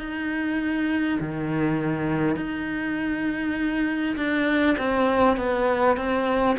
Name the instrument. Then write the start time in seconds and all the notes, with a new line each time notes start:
cello
0.00 D#4
1.21 D#3
2.37 D#4
4.17 D4
4.79 C4
5.37 B3
5.97 C4